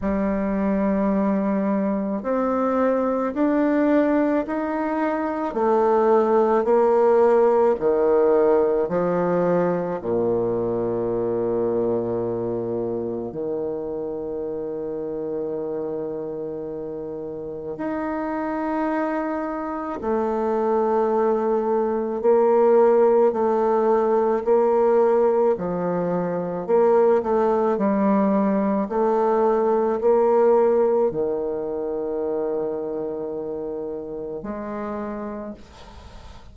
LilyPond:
\new Staff \with { instrumentName = "bassoon" } { \time 4/4 \tempo 4 = 54 g2 c'4 d'4 | dis'4 a4 ais4 dis4 | f4 ais,2. | dis1 |
dis'2 a2 | ais4 a4 ais4 f4 | ais8 a8 g4 a4 ais4 | dis2. gis4 | }